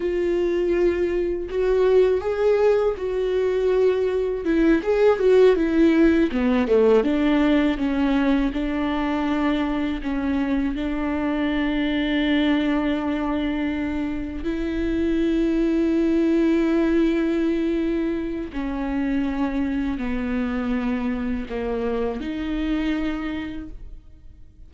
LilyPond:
\new Staff \with { instrumentName = "viola" } { \time 4/4 \tempo 4 = 81 f'2 fis'4 gis'4 | fis'2 e'8 gis'8 fis'8 e'8~ | e'8 b8 a8 d'4 cis'4 d'8~ | d'4. cis'4 d'4.~ |
d'2.~ d'8 e'8~ | e'1~ | e'4 cis'2 b4~ | b4 ais4 dis'2 | }